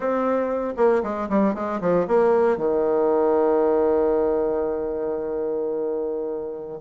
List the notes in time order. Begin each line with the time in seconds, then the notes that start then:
0.00 C4
0.76 A#3
1.03 G#3
1.29 G3
1.54 G#3
1.80 F3
2.07 A#3
2.57 D#3